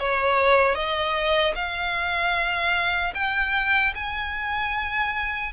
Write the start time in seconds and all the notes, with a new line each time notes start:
0.00 C#5
0.75 D#5
1.55 F5
3.15 G5
3.95 G#5